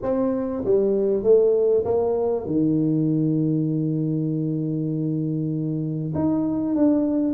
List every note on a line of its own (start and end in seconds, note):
0.02 0.63 C4
0.64 1.23 G3
1.23 1.84 A3
1.85 2.45 A#3
2.45 6.13 D#3
6.14 6.75 D#4
6.75 7.33 D4